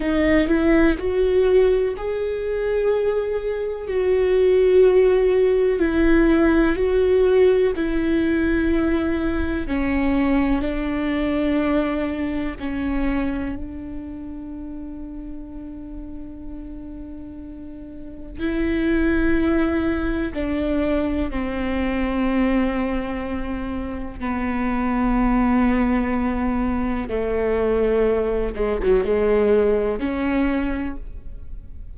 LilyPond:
\new Staff \with { instrumentName = "viola" } { \time 4/4 \tempo 4 = 62 dis'8 e'8 fis'4 gis'2 | fis'2 e'4 fis'4 | e'2 cis'4 d'4~ | d'4 cis'4 d'2~ |
d'2. e'4~ | e'4 d'4 c'2~ | c'4 b2. | a4. gis16 fis16 gis4 cis'4 | }